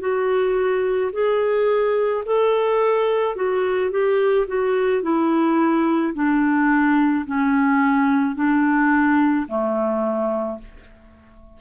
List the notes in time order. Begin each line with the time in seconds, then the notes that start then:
0.00 F#4
1.13 G#4
2.26 A4
3.36 F#4
3.91 G4
4.47 F#4
5.03 E4
6.14 D4
7.26 C#4
8.35 D4
9.48 A3